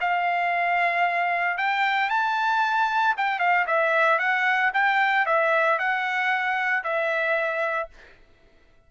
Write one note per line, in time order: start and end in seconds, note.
0.00 1.57 F5
1.57 2.09 G5
2.09 3.15 A5
3.17 3.39 G5
3.39 3.65 F5
3.67 4.18 E5
4.18 4.71 F#5
4.73 5.26 G5
5.26 5.78 E5
5.78 6.83 F#5
6.83 7.89 E5